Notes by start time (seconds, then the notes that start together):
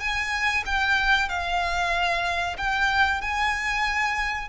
0.00 G#5
0.66 G5
1.29 F5
2.58 G5
3.21 G#5